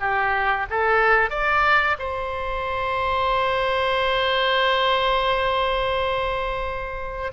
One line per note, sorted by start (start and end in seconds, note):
0.00 0.67 G4
0.70 1.30 A4
1.30 1.97 D5
1.99 7.32 C5